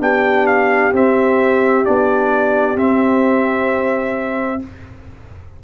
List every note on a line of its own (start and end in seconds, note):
0.00 0.92 B3
0.00 0.92 D4
0.00 4.63 G4
0.00 0.47 G5
0.47 0.93 F5
0.93 1.85 C4
0.93 1.85 E5
1.85 2.76 B3
1.85 2.75 D4
1.85 2.77 D5
2.75 4.60 C4
2.75 4.61 C4
2.75 4.62 E5